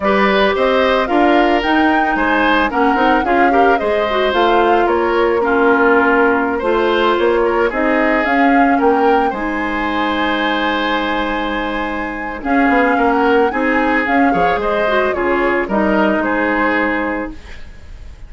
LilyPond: <<
  \new Staff \with { instrumentName = "flute" } { \time 4/4 \tempo 4 = 111 d''4 dis''4 f''4 g''4 | gis''4 fis''4 f''4 dis''4 | f''4 cis''4 ais'2~ | ais'16 c''4 cis''4 dis''4 f''8.~ |
f''16 g''4 gis''2~ gis''8.~ | gis''2. f''4~ | f''16 fis''8. gis''4 f''4 dis''4 | cis''4 dis''4 c''2 | }
  \new Staff \with { instrumentName = "oboe" } { \time 4/4 b'4 c''4 ais'2 | c''4 ais'4 gis'8 ais'8 c''4~ | c''4 ais'4 f'2~ | f'16 c''4. ais'8 gis'4.~ gis'16~ |
gis'16 ais'4 c''2~ c''8.~ | c''2. gis'4 | ais'4 gis'4. cis''8 c''4 | gis'4 ais'4 gis'2 | }
  \new Staff \with { instrumentName = "clarinet" } { \time 4/4 g'2 f'4 dis'4~ | dis'4 cis'8 dis'8 f'8 g'8 gis'8 fis'8 | f'2 cis'2~ | cis'16 f'2 dis'4 cis'8.~ |
cis'4~ cis'16 dis'2~ dis'8.~ | dis'2. cis'4~ | cis'4 dis'4 cis'8 gis'4 fis'8 | f'4 dis'2. | }
  \new Staff \with { instrumentName = "bassoon" } { \time 4/4 g4 c'4 d'4 dis'4 | gis4 ais8 c'8 cis'4 gis4 | a4 ais2.~ | ais16 a4 ais4 c'4 cis'8.~ |
cis'16 ais4 gis2~ gis8.~ | gis2. cis'8 b8 | ais4 c'4 cis'8 f8 gis4 | cis4 g4 gis2 | }
>>